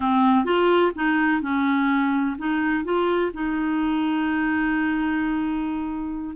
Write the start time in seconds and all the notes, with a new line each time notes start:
0.00 C4
0.44 F4
0.95 D#4
1.41 C#4
2.38 D#4
2.84 F4
3.33 D#4